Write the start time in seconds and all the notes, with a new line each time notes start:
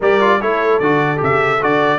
0.00 G3 G4 A#4 D5
0.20 F4
0.40 A3 E4 A4 C#5
0.79 D3 F#4 D5
1.16 C#3 G4
1.23 E5
1.61 D3 F#4 D5